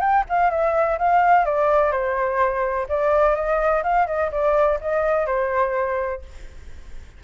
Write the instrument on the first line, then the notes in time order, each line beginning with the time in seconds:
flute
0.00 G5
0.29 F5
0.50 E5
0.98 F5
1.45 D5
1.91 C5
2.89 D5
3.35 D#5
3.83 F5
4.06 D#5
4.31 D5
4.80 D#5
5.26 C5